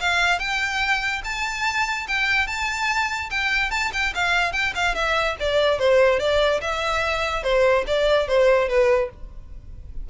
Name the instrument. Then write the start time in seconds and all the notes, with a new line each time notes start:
violin
0.00 F5
0.39 G5
1.24 A5
2.07 G5
2.47 A5
3.30 G5
3.71 A5
3.93 G5
4.15 F5
4.53 G5
4.75 F5
4.95 E5
5.40 D5
5.79 C5
6.19 D5
6.61 E5
7.43 C5
7.87 D5
8.28 C5
8.68 B4